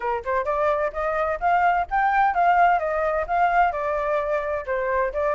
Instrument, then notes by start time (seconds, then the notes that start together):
flute
0.00 A#4
0.25 C5
0.45 D5
0.92 D#5
1.40 F5
1.90 G5
2.34 F5
2.79 D#5
3.27 F5
3.72 D5
4.66 C5
5.12 D5